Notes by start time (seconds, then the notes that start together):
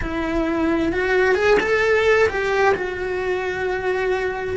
0.01 E4
0.92 F#4
1.34 G#4
1.60 A4
2.29 G4
2.74 F#4